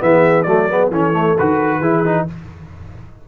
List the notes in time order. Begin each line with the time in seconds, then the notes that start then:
0.00 E3 B3 G#4 E5
0.42 F#3 A3 F#4 D5
0.69 B3 G#4
0.90 E3 C#4 A4 C#5
1.12 A3
1.37 D#3 F#4 B4
1.79 E3 E4 G#4
2.05 D#4